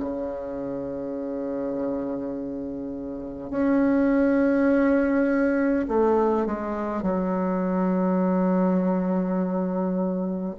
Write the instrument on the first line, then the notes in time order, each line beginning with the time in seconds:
bassoon
0.00 C#3
3.51 C#4
5.88 A3
6.47 G#3
7.03 F#3